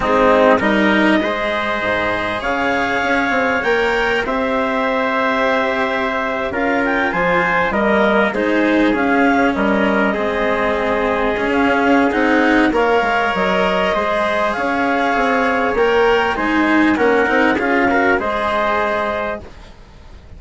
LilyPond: <<
  \new Staff \with { instrumentName = "clarinet" } { \time 4/4 \tempo 4 = 99 gis'4 dis''2. | f''2 g''4 e''4~ | e''2~ e''8. f''8 g''8 gis''16~ | gis''8. dis''4 c''4 f''4 dis''16~ |
dis''2. f''4 | fis''4 f''4 dis''2 | f''2 g''4 gis''4 | fis''4 f''4 dis''2 | }
  \new Staff \with { instrumentName = "trumpet" } { \time 4/4 dis'4 ais'4 c''2 | cis''2. c''4~ | c''2~ c''8. ais'4 c''16~ | c''8. ais'4 gis'2 ais'16~ |
ais'8. gis'2.~ gis'16~ | gis'4 cis''2 c''4 | cis''2. c''4 | ais'4 gis'8 ais'8 c''2 | }
  \new Staff \with { instrumentName = "cello" } { \time 4/4 c'4 dis'4 gis'2~ | gis'2 ais'4 g'4~ | g'2~ g'8. f'4~ f'16~ | f'8. ais4 dis'4 cis'4~ cis'16~ |
cis'8. c'2 cis'4~ cis'16 | dis'4 ais'2 gis'4~ | gis'2 ais'4 dis'4 | cis'8 dis'8 f'8 fis'8 gis'2 | }
  \new Staff \with { instrumentName = "bassoon" } { \time 4/4 gis4 g4 gis4 gis,4 | cis4 cis'8 c'8 ais4 c'4~ | c'2~ c'8. cis'4 f16~ | f8. g4 gis4 cis'4 g16~ |
g8. gis2~ gis16 cis'4 | c'4 ais8 gis8 fis4 gis4 | cis'4 c'4 ais4 gis4 | ais8 c'8 cis'4 gis2 | }
>>